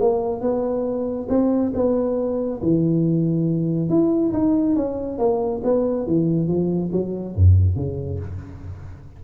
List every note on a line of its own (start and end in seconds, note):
0.00 0.41 A#3
0.41 1.27 B3
1.29 1.72 C4
1.74 2.60 B3
2.62 3.89 E3
3.89 4.32 E4
4.33 4.76 D#4
4.76 5.18 C#4
5.18 5.61 A#3
5.64 6.06 B3
6.06 6.47 E3
6.47 6.90 F3
6.92 7.35 F#3
7.35 7.76 F#2
7.76 8.19 C#3